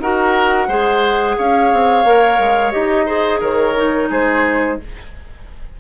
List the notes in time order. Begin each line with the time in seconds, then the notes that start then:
0.00 D#4 F#4 A#4 F#5
0.68 G#3 G#4 C5
1.38 C#4 C#5 F5
1.73 C4
2.05 A#3 A#4
2.39 G#3
2.72 D#4 G4 D#5
3.06 G#4 C5
3.41 D#3 A#4 C#5
3.77 D#4
4.10 G#3 G#4 C5